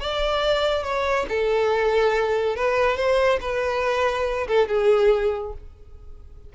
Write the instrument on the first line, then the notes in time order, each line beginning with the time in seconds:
violin
0.00 D5
0.83 C#5
1.29 A4
2.56 B4
2.97 C5
3.40 B4
4.47 A4
4.68 G#4